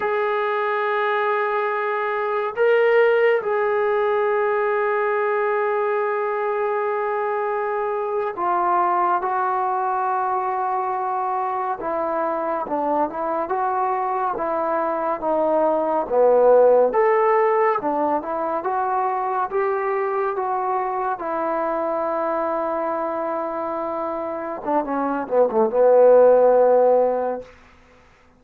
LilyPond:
\new Staff \with { instrumentName = "trombone" } { \time 4/4 \tempo 4 = 70 gis'2. ais'4 | gis'1~ | gis'4.~ gis'16 f'4 fis'4~ fis'16~ | fis'4.~ fis'16 e'4 d'8 e'8 fis'16~ |
fis'8. e'4 dis'4 b4 a'16~ | a'8. d'8 e'8 fis'4 g'4 fis'16~ | fis'8. e'2.~ e'16~ | e'8. d'16 cis'8 b16 a16 b2 | }